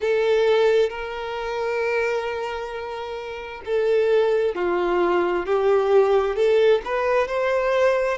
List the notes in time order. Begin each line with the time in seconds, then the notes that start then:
0.00 A4
0.89 A#4
3.65 A4
4.55 F4
5.45 G4
6.36 A4
6.84 B4
7.27 C5